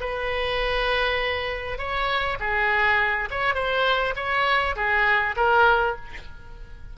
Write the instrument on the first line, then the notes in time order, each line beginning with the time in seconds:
oboe
0.00 B4
1.78 C#5
2.40 G#4
3.30 C#5
3.54 C5
4.16 C#5
4.76 G#4
5.36 A#4